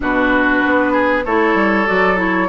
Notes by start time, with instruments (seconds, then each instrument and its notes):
0.00 bassoon B2, clarinet D4, oboe F#4, flute B4
0.65 bassoon B3
0.92 oboe G#4
1.25 bassoon A3, clarinet E4, oboe A4, flute C#5
1.54 bassoon G3
1.85 bassoon F#3, clarinet F#4, flute D5
2.16 clarinet E4, flute C#5